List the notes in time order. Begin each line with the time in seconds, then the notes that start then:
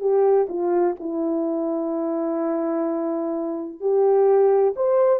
0.00 G4
0.49 F4
1.00 E4
3.81 G4
4.76 C5